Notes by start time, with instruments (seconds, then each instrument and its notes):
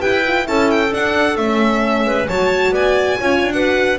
0.00 double bass E4, horn G4, clarinet B4, violin G5
0.27 horn F4
0.44 double bass C#4, horn E4, clarinet A4, violin A5
0.71 violin G5
0.91 horn D4, double bass D4, violin F#5
1.37 double bass A3, horn C#4, violin E5
2.06 double bass G#3, clarinet B4
2.29 double bass F#3, horn F#4, clarinet C#5, violin A5
2.71 double bass B3, clarinet D5, violin G#5
3.20 double bass C#4, horn F4, clarinet C#5
3.43 double bass D4
3.53 horn F#4, clarinet B4, violin F#5